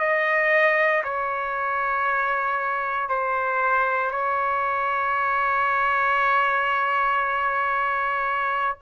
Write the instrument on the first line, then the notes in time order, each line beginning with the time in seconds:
trumpet
0.00 D#5
1.04 C#5
3.09 C5
4.11 C#5